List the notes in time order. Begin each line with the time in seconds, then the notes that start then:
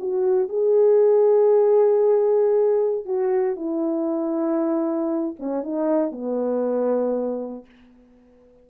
0.00 F#4
0.49 G#4
3.05 F#4
3.56 E4
5.40 C#4
5.63 D#4
6.12 B3